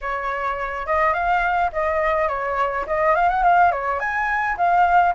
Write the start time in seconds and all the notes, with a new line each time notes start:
0.01 C#5
0.86 D#5
1.13 F5
1.72 D#5
2.28 C#5
2.86 D#5
3.15 F5
3.29 F#5
3.43 F5
3.71 C#5
3.99 G#5
4.57 F5